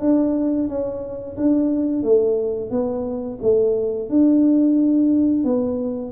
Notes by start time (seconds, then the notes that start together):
0.00 D4
0.68 C#4
1.37 D4
2.02 A3
2.70 B3
3.42 A3
4.09 D4
5.44 B3